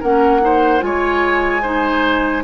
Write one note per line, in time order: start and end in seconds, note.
0.00 0.82 A#3
0.00 0.41 C#4
0.00 0.41 A#4
0.00 0.81 F#5
0.41 0.80 D#4
0.41 0.85 C5
0.80 2.44 G#3
0.80 1.61 F4
0.80 1.62 C#5
0.80 2.43 G#5
1.62 2.44 D#4
1.62 2.43 C5